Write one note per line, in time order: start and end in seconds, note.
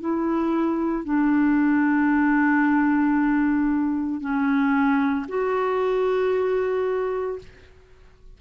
0.00 1.05 E4
1.05 4.21 D4
4.21 5.26 C#4
5.28 7.39 F#4